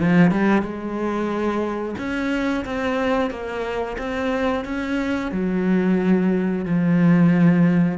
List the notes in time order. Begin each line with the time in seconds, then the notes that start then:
0.00 F3
0.32 G3
0.62 G#3
1.98 C#4
2.65 C4
3.31 A#3
3.98 C4
4.65 C#4
5.32 F#3
6.65 F3